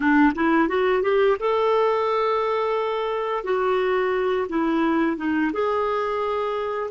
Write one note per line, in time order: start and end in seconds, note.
0.00 0.33 D4
0.34 0.68 E4
0.68 1.02 F#4
1.02 1.37 G4
1.39 3.44 A4
3.44 4.47 F#4
4.48 5.17 E4
5.17 5.51 D#4
5.53 6.90 G#4